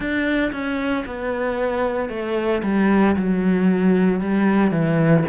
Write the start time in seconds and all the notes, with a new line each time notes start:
0.00 D4
0.52 C#4
1.05 B3
2.09 A3
2.63 G3
3.16 F#3
4.20 G3
4.71 E3